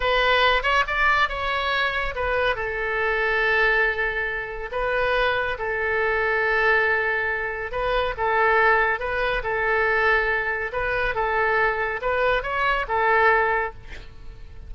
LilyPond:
\new Staff \with { instrumentName = "oboe" } { \time 4/4 \tempo 4 = 140 b'4. cis''8 d''4 cis''4~ | cis''4 b'4 a'2~ | a'2. b'4~ | b'4 a'2.~ |
a'2 b'4 a'4~ | a'4 b'4 a'2~ | a'4 b'4 a'2 | b'4 cis''4 a'2 | }